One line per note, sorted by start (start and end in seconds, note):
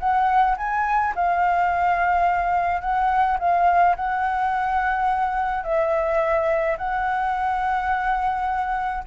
0.00 0.57 F#5
0.58 1.14 G#5
1.16 2.81 F5
2.81 3.38 F#5
3.40 3.96 F5
3.96 5.64 F#5
5.64 6.77 E5
6.78 9.04 F#5